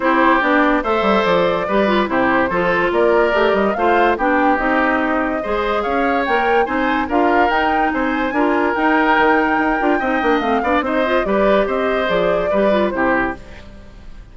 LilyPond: <<
  \new Staff \with { instrumentName = "flute" } { \time 4/4 \tempo 4 = 144 c''4 d''4 e''4 d''4~ | d''4 c''2 d''4~ | d''8 dis''8 f''4 g''4 dis''4~ | dis''2 f''4 g''4 |
gis''4 f''4 g''4 gis''4~ | gis''4 g''2.~ | g''4 f''4 dis''4 d''4 | dis''4 d''2 c''4 | }
  \new Staff \with { instrumentName = "oboe" } { \time 4/4 g'2 c''2 | b'4 g'4 a'4 ais'4~ | ais'4 c''4 g'2~ | g'4 c''4 cis''2 |
c''4 ais'2 c''4 | ais'1 | dis''4. d''8 c''4 b'4 | c''2 b'4 g'4 | }
  \new Staff \with { instrumentName = "clarinet" } { \time 4/4 e'4 d'4 a'2 | g'8 f'8 e'4 f'2 | g'4 f'4 d'4 dis'4~ | dis'4 gis'2 ais'4 |
dis'4 f'4 dis'2 | f'4 dis'2~ dis'8 f'8 | dis'8 d'8 c'8 d'8 dis'8 f'8 g'4~ | g'4 gis'4 g'8 f'8 e'4 | }
  \new Staff \with { instrumentName = "bassoon" } { \time 4/4 c'4 b4 a8 g8 f4 | g4 c4 f4 ais4 | a8 g8 a4 b4 c'4~ | c'4 gis4 cis'4 ais4 |
c'4 d'4 dis'4 c'4 | d'4 dis'4 dis4 dis'8 d'8 | c'8 ais8 a8 b8 c'4 g4 | c'4 f4 g4 c4 | }
>>